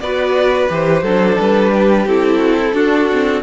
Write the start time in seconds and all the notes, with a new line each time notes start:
0.00 B3 F#4 B4 D5
0.69 E3 G4 C5
1.02 F#3 D4 A4
1.39 G3 B4
1.73 G4
2.06 C4 E4 A4
2.38 F#4
2.57 E4
2.73 D4 F#4
3.12 C4